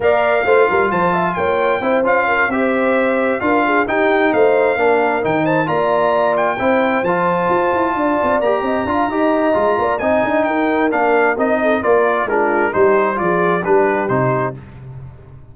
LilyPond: <<
  \new Staff \with { instrumentName = "trumpet" } { \time 4/4 \tempo 4 = 132 f''2 a''4 g''4~ | g''8 f''4 e''2 f''8~ | f''8 g''4 f''2 g''8 | a''8 ais''4. g''4. a''8~ |
a''2~ a''8 ais''4.~ | ais''2 gis''4 g''4 | f''4 dis''4 d''4 ais'4 | c''4 d''4 b'4 c''4 | }
  \new Staff \with { instrumentName = "horn" } { \time 4/4 d''4 c''8 ais'8 c''8 e''8 cis''4 | c''4 ais'8 c''2 ais'8 | gis'8 g'4 c''4 ais'4. | c''8 d''2 c''4.~ |
c''4. d''4. dis''8 f''8 | dis''4. d''8 dis''4 ais'4~ | ais'4. a'8 ais'4 f'4 | g'4 gis'4 g'2 | }
  \new Staff \with { instrumentName = "trombone" } { \time 4/4 ais'4 f'2. | e'8 f'4 g'2 f'8~ | f'8 dis'2 d'4 dis'8~ | dis'8 f'2 e'4 f'8~ |
f'2~ f'8 g'4 f'8 | g'4 f'4 dis'2 | d'4 dis'4 f'4 d'4 | dis'4 f'4 d'4 dis'4 | }
  \new Staff \with { instrumentName = "tuba" } { \time 4/4 ais4 a8 g8 f4 ais4 | c'8 cis'4 c'2 d'8~ | d'8 dis'4 a4 ais4 dis8~ | dis8 ais2 c'4 f8~ |
f8 f'8 e'8 d'8 c'8 ais8 c'8 d'8 | dis'4 gis8 ais8 c'8 d'8 dis'4 | ais4 c'4 ais4 gis4 | g4 f4 g4 c4 | }
>>